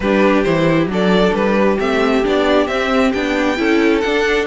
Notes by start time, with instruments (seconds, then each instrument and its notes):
0.00 cello G3, viola D4, violin G4 B4
0.43 cello E3, viola E4, violin C5
0.86 cello F#3, viola D4
0.92 violin A4 D5
1.33 cello G3, violin B4
1.59 violin G4
1.79 cello A3, viola C4, violin E5
2.23 cello B3, viola D4, violin D5
2.67 cello C4, viola C4, violin E5
3.13 cello B3, viola D4, violin G5
3.56 cello C#4, viola E4, violin A4
4.00 viola D4, cello D4, violin F#5